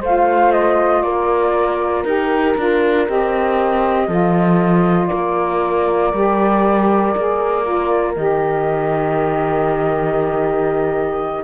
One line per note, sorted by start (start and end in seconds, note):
0.00 1.03 A3
0.00 2.06 F4
0.00 1.02 C5
0.00 0.52 F5
0.52 1.02 D#5
1.02 2.04 A#3
1.02 4.07 A#4
1.02 2.04 D5
2.04 2.55 D#4
2.04 2.56 G4
2.04 3.07 A#4
2.56 3.08 D4
2.56 3.07 F4
3.07 4.08 C4
3.07 4.09 G4
3.07 5.07 D#5
4.07 5.09 F3
4.07 6.12 F4
4.07 5.09 A4
5.07 6.13 A#3
5.07 11.43 A#4
5.07 8.12 D5
6.13 7.15 G3
6.13 7.15 G4
7.16 8.16 A#3
7.16 7.64 G#4
7.64 8.14 F4
8.16 11.43 D#3
8.16 11.43 G4
8.16 11.43 D#5